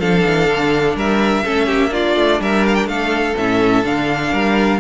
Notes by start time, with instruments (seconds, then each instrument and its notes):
0.00 cello F3, viola D4, violin A4 F5
0.26 cello E3
0.49 cello D3
0.96 cello G3, violin A#4 E5
1.45 cello A3, viola C#4, violin A4
1.67 cello A#3, violin G4
1.90 viola D4, violin F4 D5
2.17 cello A3
2.40 cello G3, violin A#4 E5
2.67 violin F5
2.75 violin G5
2.86 cello A3, violin A4 F5
3.38 cello A2, viola C#4, violin E5
3.84 cello D3, viola D4, violin F5
4.33 cello G3, violin A#4